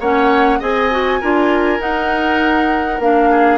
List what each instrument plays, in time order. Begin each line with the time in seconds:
0.00 bassoon A#3, clarinet C#4, oboe C#5, flute F#5
0.59 bassoon C4, clarinet G#4, oboe D#5, flute G#5
0.91 clarinet F#4
1.21 bassoon D4, clarinet F4, oboe A#4
1.79 bassoon D#4, clarinet D#4, flute F#5
2.99 bassoon A#3, clarinet D4, flute F5
3.31 oboe G#4